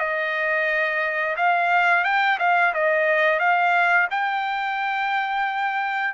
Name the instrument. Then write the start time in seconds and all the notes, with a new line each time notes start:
trumpet
0.00 D#5
1.37 F5
2.05 G5
2.39 F5
2.75 D#5
3.40 F5
4.11 G5